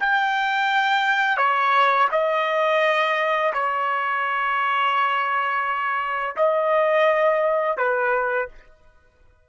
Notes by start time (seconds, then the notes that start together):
0.00 G5
1.37 C#5
2.12 D#5
3.53 C#5
6.36 D#5
7.77 B4